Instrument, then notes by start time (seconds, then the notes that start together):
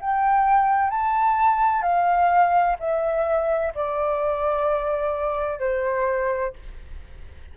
flute
0.00 G5
0.90 A5
1.82 F5
2.79 E5
3.74 D5
5.59 C5